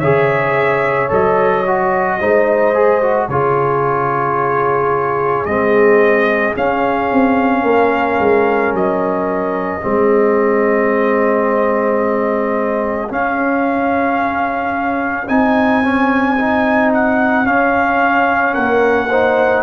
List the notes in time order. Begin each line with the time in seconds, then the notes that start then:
0.00 C#3 G#4 C#5 E5
1.10 F#3 A4 D#5
1.67 F#4
2.20 G#3 D#4 C5
2.74 G#4
3.02 F#4
3.29 C#3 F4 G#4 C#5
5.46 G#3 C4 D#5
6.55 C#4 F5
7.12 C4
7.63 A#3 A#4
8.20 G#3
8.73 F#3 D#5
9.82 G#3 C4 G#4
13.10 C#4 F5
15.28 C4 D#4 G#5
15.83 C#4
16.38 D#4
16.93 F#5
17.45 C#4 F5
18.54 A#3 A#4 F#5
19.10 D#4 C5